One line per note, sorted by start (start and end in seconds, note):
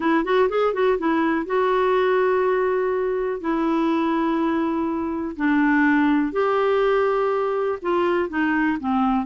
0.00 0.24 E4
0.24 0.49 F#4
0.49 0.73 G#4
0.73 0.98 F#4
0.98 1.46 E4
1.46 3.41 F#4
3.41 5.36 E4
5.36 6.32 D4
6.32 7.78 G4
7.82 8.29 F4
8.29 8.77 D#4
8.80 9.25 C4